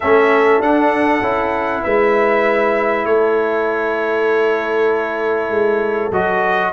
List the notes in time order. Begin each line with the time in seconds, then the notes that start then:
0.00 A3 C#4 A4 E5
0.59 D4 F#5
1.21 C#4 E4
1.83 G#3 B4 E5
3.04 A3 A4 C#5
5.49 G#3
6.11 F#3 F#4 D#5